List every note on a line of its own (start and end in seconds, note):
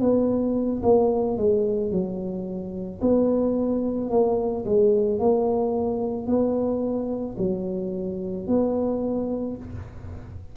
0.00 0.82 B3
0.83 1.37 A#3
1.37 1.91 G#3
1.91 3.00 F#3
3.01 4.11 B3
4.11 4.65 A#3
4.65 5.19 G#3
5.19 6.27 A#3
6.27 7.36 B3
7.38 8.47 F#3
8.47 9.57 B3